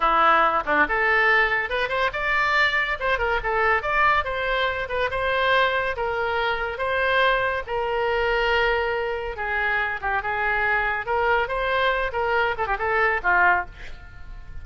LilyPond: \new Staff \with { instrumentName = "oboe" } { \time 4/4 \tempo 4 = 141 e'4. d'8 a'2 | b'8 c''8 d''2 c''8 ais'8 | a'4 d''4 c''4. b'8 | c''2 ais'2 |
c''2 ais'2~ | ais'2 gis'4. g'8 | gis'2 ais'4 c''4~ | c''8 ais'4 a'16 g'16 a'4 f'4 | }